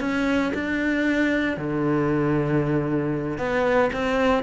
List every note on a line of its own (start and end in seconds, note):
0.00 0.52 C#4
0.54 1.57 D4
1.57 3.38 D3
3.38 3.90 B3
3.93 4.43 C4